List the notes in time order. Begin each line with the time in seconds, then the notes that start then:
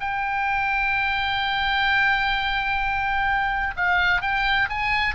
0.00 G5
3.76 F5
4.22 G5
4.70 G#5